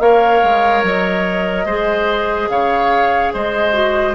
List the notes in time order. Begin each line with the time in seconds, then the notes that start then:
0.00 A#3 A#4 C#5 F5
0.43 G#3
0.83 F#3 D#5
1.65 G#3 G#4 C5
2.49 C#3 C#5 F5
3.34 G#3 C5 D#5
3.73 F#4